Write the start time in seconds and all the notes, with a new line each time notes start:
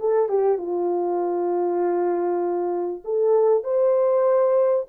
0.00 A4
0.29 G4
0.58 F4
3.05 A4
3.64 C5